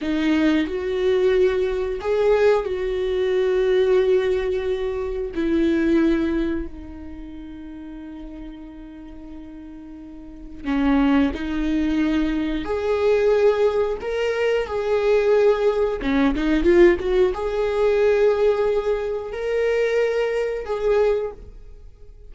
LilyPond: \new Staff \with { instrumentName = "viola" } { \time 4/4 \tempo 4 = 90 dis'4 fis'2 gis'4 | fis'1 | e'2 dis'2~ | dis'1 |
cis'4 dis'2 gis'4~ | gis'4 ais'4 gis'2 | cis'8 dis'8 f'8 fis'8 gis'2~ | gis'4 ais'2 gis'4 | }